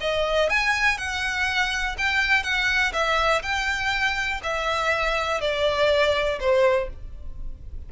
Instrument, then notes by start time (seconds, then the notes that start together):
violin
0.00 D#5
0.49 G#5
0.97 F#5
1.98 G5
2.43 F#5
2.93 E5
3.42 G5
4.43 E5
5.41 D5
6.40 C5